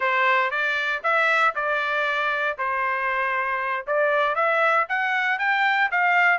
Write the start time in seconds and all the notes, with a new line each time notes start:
0.00 C5
0.50 D5
1.03 E5
1.55 D5
2.58 C5
3.86 D5
4.35 E5
4.88 F#5
5.38 G5
5.91 F5